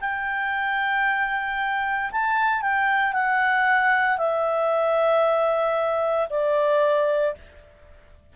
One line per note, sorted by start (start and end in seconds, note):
0.00 2.11 G5
2.11 2.61 A5
2.61 3.12 G5
3.12 4.17 F#5
4.17 6.28 E5
6.29 7.34 D5